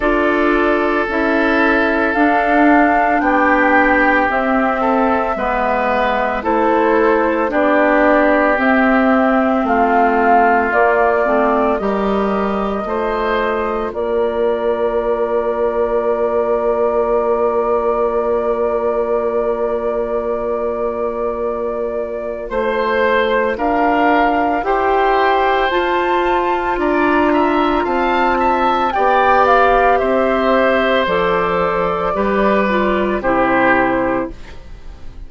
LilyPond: <<
  \new Staff \with { instrumentName = "flute" } { \time 4/4 \tempo 4 = 56 d''4 e''4 f''4 g''4 | e''2 c''4 d''4 | e''4 f''4 d''4 dis''4~ | dis''4 d''2.~ |
d''1~ | d''4 c''4 f''4 g''4 | a''4 ais''4 a''4 g''8 f''8 | e''4 d''2 c''4 | }
  \new Staff \with { instrumentName = "oboe" } { \time 4/4 a'2. g'4~ | g'8 a'8 b'4 a'4 g'4~ | g'4 f'2 ais'4 | c''4 ais'2.~ |
ais'1~ | ais'4 c''4 ais'4 c''4~ | c''4 d''8 e''8 f''8 e''8 d''4 | c''2 b'4 g'4 | }
  \new Staff \with { instrumentName = "clarinet" } { \time 4/4 f'4 e'4 d'2 | c'4 b4 e'4 d'4 | c'2 ais8 c'8 g'4 | f'1~ |
f'1~ | f'2. g'4 | f'2. g'4~ | g'4 a'4 g'8 f'8 e'4 | }
  \new Staff \with { instrumentName = "bassoon" } { \time 4/4 d'4 cis'4 d'4 b4 | c'4 gis4 a4 b4 | c'4 a4 ais8 a8 g4 | a4 ais2.~ |
ais1~ | ais4 a4 d'4 e'4 | f'4 d'4 c'4 b4 | c'4 f4 g4 c4 | }
>>